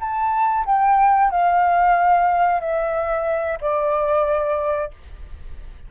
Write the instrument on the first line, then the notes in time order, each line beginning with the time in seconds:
flute
0.00 A5
0.66 G5
1.31 F5
2.61 E5
3.61 D5